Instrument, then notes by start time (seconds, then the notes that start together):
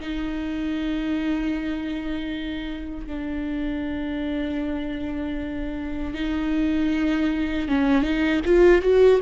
viola
0.00 D#4
3.07 D4
6.14 D#4
7.68 C#4
8.02 D#4
8.45 F4
8.82 F#4